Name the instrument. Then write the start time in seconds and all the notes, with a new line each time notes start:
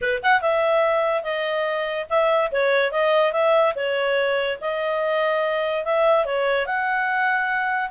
clarinet
0.01 B4
0.22 F#5
0.41 E5
1.23 D#5
2.09 E5
2.51 C#5
2.91 D#5
3.32 E5
3.75 C#5
4.61 D#5
5.84 E5
6.25 C#5
6.66 F#5